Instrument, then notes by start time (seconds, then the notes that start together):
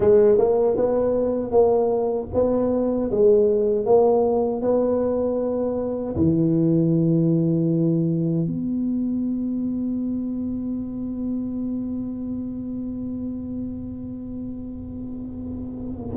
tuba
0.00 G#3
0.38 A#3
0.76 B3
1.51 A#3
2.34 B3
3.11 G#3
3.85 A#3
4.62 B3
6.15 E3
8.46 B3